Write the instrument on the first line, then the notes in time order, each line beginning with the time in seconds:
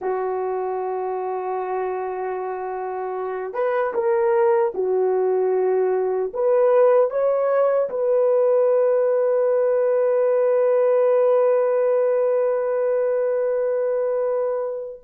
horn
0.01 F#4
3.53 B4
3.94 A#4
4.74 F#4
6.33 B4
7.10 C#5
7.89 B4